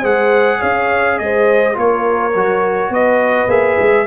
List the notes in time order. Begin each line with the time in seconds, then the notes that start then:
0.00 G#3 G#4 C5 F#5
0.59 C#4 C#5 F5
1.19 G#3 C5 D#5
1.74 A#3 F4 A#4 C#5
2.35 F#3 F#4
2.90 B3 B4 D#5
3.48 A#3 G#4 E5
3.80 G#3